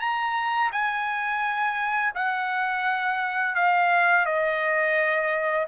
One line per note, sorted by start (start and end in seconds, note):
0.00 0.71 A#5
0.72 2.13 G#5
2.15 3.55 F#5
3.55 4.25 F5
4.25 5.67 D#5